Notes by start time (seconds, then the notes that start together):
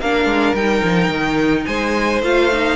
0.00 A#3 D4 A#4 F5
0.25 G#3
0.54 G3 D#4 G5
0.83 F3
1.09 D#3
1.65 G#3 C5 G#5
2.22 A3 F4 F5
2.52 D#4